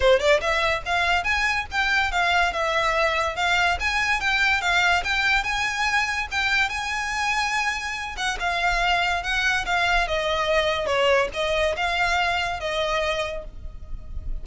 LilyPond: \new Staff \with { instrumentName = "violin" } { \time 4/4 \tempo 4 = 143 c''8 d''8 e''4 f''4 gis''4 | g''4 f''4 e''2 | f''4 gis''4 g''4 f''4 | g''4 gis''2 g''4 |
gis''2.~ gis''8 fis''8 | f''2 fis''4 f''4 | dis''2 cis''4 dis''4 | f''2 dis''2 | }